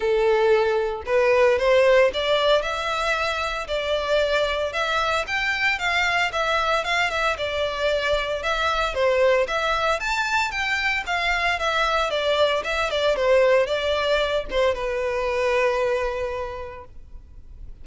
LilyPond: \new Staff \with { instrumentName = "violin" } { \time 4/4 \tempo 4 = 114 a'2 b'4 c''4 | d''4 e''2 d''4~ | d''4 e''4 g''4 f''4 | e''4 f''8 e''8 d''2 |
e''4 c''4 e''4 a''4 | g''4 f''4 e''4 d''4 | e''8 d''8 c''4 d''4. c''8 | b'1 | }